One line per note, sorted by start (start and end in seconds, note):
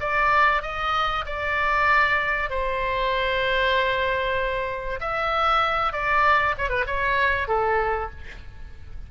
0.00 0.62 D5
0.62 1.24 D#5
1.25 2.49 D5
2.49 4.99 C5
5.00 5.92 E5
5.92 6.55 D5
6.58 6.69 C#5
6.69 6.85 B4
6.86 7.47 C#5
7.47 8.10 A4